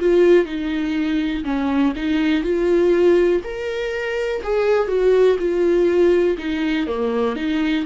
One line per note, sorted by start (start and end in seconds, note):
0.00 0.46 F4
0.46 1.44 D#4
1.44 1.94 C#4
1.96 2.44 D#4
2.44 3.42 F4
3.44 4.42 A#4
4.43 4.88 G#4
4.88 5.37 F#4
5.39 6.37 F4
6.38 6.87 D#4
6.87 7.36 A#3
7.36 7.85 D#4